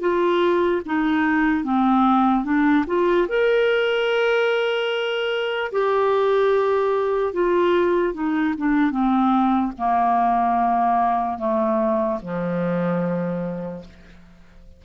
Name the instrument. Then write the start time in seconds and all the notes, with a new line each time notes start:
clarinet
0.00 F4
0.85 D#4
1.64 C4
2.44 D4
2.86 F4
3.28 A#4
5.72 G4
7.33 F4
8.13 D#4
8.57 D4
8.90 C4
9.78 A#3
11.38 A3
12.22 F3